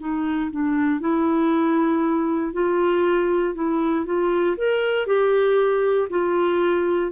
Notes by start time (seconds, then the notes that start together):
0.00 D#4
0.51 D4
1.01 E4
2.53 F4
3.55 E4
4.06 F4
4.57 A#4
5.07 G4
6.10 F4